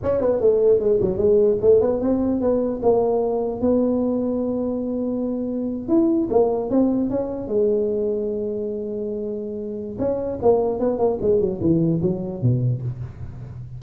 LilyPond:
\new Staff \with { instrumentName = "tuba" } { \time 4/4 \tempo 4 = 150 cis'8 b8 a4 gis8 fis8 gis4 | a8 b8 c'4 b4 ais4~ | ais4 b2.~ | b2~ b8. e'4 ais16~ |
ais8. c'4 cis'4 gis4~ gis16~ | gis1~ | gis4 cis'4 ais4 b8 ais8 | gis8 fis8 e4 fis4 b,4 | }